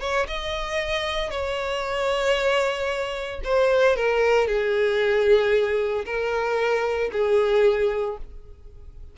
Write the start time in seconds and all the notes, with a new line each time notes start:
0.00 C#5
0.27 D#5
1.30 C#5
3.44 C5
3.96 A#4
4.47 G#4
6.05 A#4
7.12 G#4